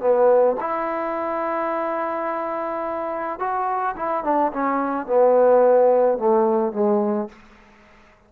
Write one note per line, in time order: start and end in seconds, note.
0.00 0.56 B3
0.60 3.39 E4
3.39 3.95 F#4
3.96 4.24 E4
4.24 4.52 D4
4.52 5.06 C#4
5.06 6.18 B3
6.18 6.72 A3
6.72 7.28 G#3